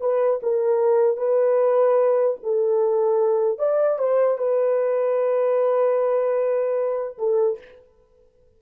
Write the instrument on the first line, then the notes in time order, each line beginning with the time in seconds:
horn
0.00 B4
0.43 A#4
1.17 B4
2.43 A4
3.58 D5
3.99 C5
4.37 B4
7.18 A4